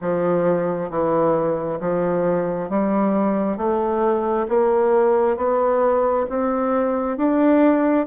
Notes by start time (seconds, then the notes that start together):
0.01 F3
0.90 E3
1.80 F3
2.69 G3
3.57 A3
4.48 A#3
5.36 B3
6.29 C4
7.17 D4